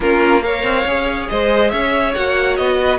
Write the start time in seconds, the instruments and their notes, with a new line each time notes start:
0.00 cello A#3, viola C#4, violin F4 A#4
0.41 viola A#4, violin C#5 F5
0.63 cello C4
0.85 cello C#4, viola G#4
1.29 cello G#3, violin C5 D#5
1.70 cello C#4, violin C#5 E5
2.14 cello A#3, viola F#4, violin F#5
2.56 cello B3, violin D#5
2.81 violin B4